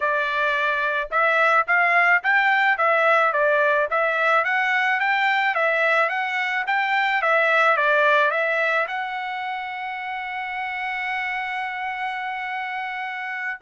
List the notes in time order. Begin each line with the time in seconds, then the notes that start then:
0.00 D5
1.10 E5
1.67 F5
2.23 G5
2.77 E5
3.32 D5
3.90 E5
4.44 F#5
5.00 G5
5.55 E5
6.09 F#5
6.66 G5
7.21 E5
7.76 D5
8.31 E5
8.87 F#5